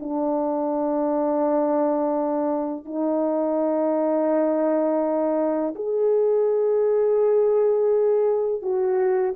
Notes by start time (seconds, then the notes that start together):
0.00 D4
2.86 D#4
5.76 G#4
8.63 F#4